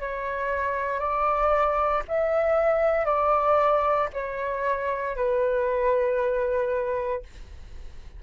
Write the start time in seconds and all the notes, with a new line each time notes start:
0.00 C#5
0.99 D5
2.08 E5
3.05 D5
4.13 C#5
5.16 B4